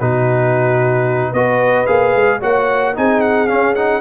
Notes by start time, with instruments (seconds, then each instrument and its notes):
0.00 tuba B2, trombone D#4, horn F#4, trumpet B4
1.32 tuba B3, trombone F#4, horn B4, trumpet D#5
1.87 tuba A#3, trombone G#4, trumpet F5
2.15 tuba G#3
2.40 tuba A#3, trombone F#4, horn C#5, trumpet F#5
2.95 tuba C4, trombone D#4, horn G#4, trumpet G#5
3.21 trumpet F#5
3.48 trombone C#4, tuba C#4, trumpet F5
3.75 trombone D#4, trumpet F#5